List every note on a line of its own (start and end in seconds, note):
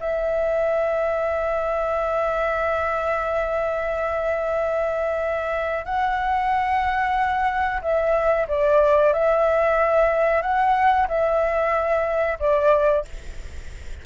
0.00 5.85 E5
5.85 7.81 F#5
7.82 8.47 E5
8.48 9.13 D5
9.13 10.42 E5
10.42 11.07 F#5
11.08 12.39 E5
12.40 13.05 D5